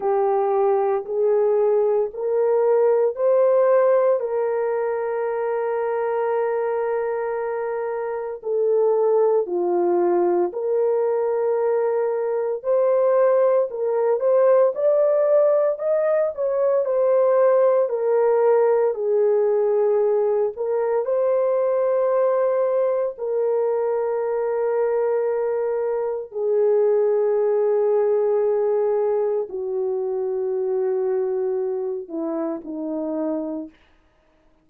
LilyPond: \new Staff \with { instrumentName = "horn" } { \time 4/4 \tempo 4 = 57 g'4 gis'4 ais'4 c''4 | ais'1 | a'4 f'4 ais'2 | c''4 ais'8 c''8 d''4 dis''8 cis''8 |
c''4 ais'4 gis'4. ais'8 | c''2 ais'2~ | ais'4 gis'2. | fis'2~ fis'8 e'8 dis'4 | }